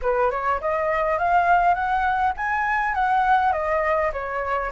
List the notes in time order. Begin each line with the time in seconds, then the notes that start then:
0.02 B4
0.30 C#5
0.60 D#5
1.18 F5
1.74 F#5
2.36 G#5
2.94 F#5
3.52 D#5
4.12 C#5